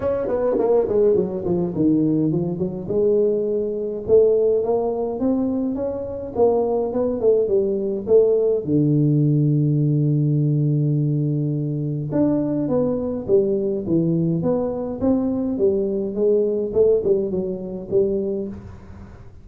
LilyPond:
\new Staff \with { instrumentName = "tuba" } { \time 4/4 \tempo 4 = 104 cis'8 b8 ais8 gis8 fis8 f8 dis4 | f8 fis8 gis2 a4 | ais4 c'4 cis'4 ais4 | b8 a8 g4 a4 d4~ |
d1~ | d4 d'4 b4 g4 | e4 b4 c'4 g4 | gis4 a8 g8 fis4 g4 | }